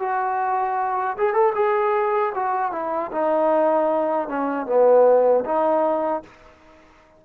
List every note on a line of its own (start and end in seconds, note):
0.00 1.17 F#4
1.18 1.34 G#4
1.34 1.53 A4
1.55 2.33 G#4
2.35 2.72 F#4
2.72 3.11 E4
3.12 4.29 D#4
4.29 4.67 C#4
4.67 5.45 B3
5.45 6.23 D#4